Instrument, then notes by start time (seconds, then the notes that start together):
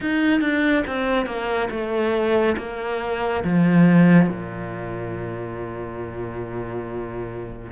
cello
0.00 D#4
0.41 D4
0.86 C4
1.25 A#3
1.70 A3
2.57 A#3
3.44 F3
4.28 A#2